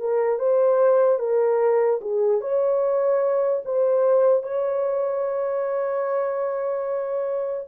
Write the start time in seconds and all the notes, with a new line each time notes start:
0.00 A#4
0.39 C5
1.19 A#4
2.02 G#4
2.41 C#5
3.65 C5
4.43 C#5